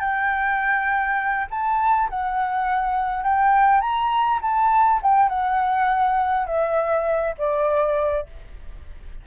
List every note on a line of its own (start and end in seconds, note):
0.00 1.47 G5
1.50 2.09 A5
2.10 3.24 F#5
3.24 3.81 G5
3.81 4.40 A#5
4.42 5.01 A5
5.03 5.29 G5
5.29 6.47 F#5
6.47 7.35 E5
7.38 8.26 D5